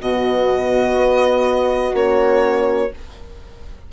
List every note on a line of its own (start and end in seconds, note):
0.00 0.96 B2
0.00 1.93 B3
0.00 2.91 F#4
0.00 1.95 D#5
0.96 1.93 B3
1.93 2.90 A#3
1.93 2.90 C#4
1.93 2.93 C#5